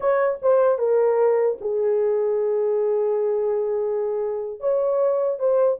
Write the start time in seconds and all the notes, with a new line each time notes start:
0.00 C#5
0.41 C5
0.78 A#4
1.60 G#4
4.60 C#5
5.39 C5